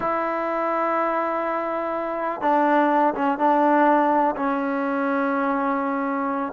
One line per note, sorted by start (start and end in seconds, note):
0.00 2.41 E4
2.41 3.13 D4
3.14 3.38 C#4
3.38 4.35 D4
4.36 6.52 C#4